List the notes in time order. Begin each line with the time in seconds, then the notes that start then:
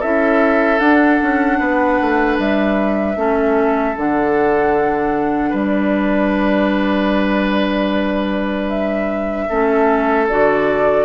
0.00 C#4 E4 A4 E5
0.80 D4 F#5
1.23 C#4
1.60 B3 B4
2.02 A3
2.39 G3 E5
3.16 A3 C#4 A4
3.96 D3 D4 F#5
5.50 G3 B4 D5
8.69 E5
9.49 A3 C#4 A4
10.29 D3 F#4 D5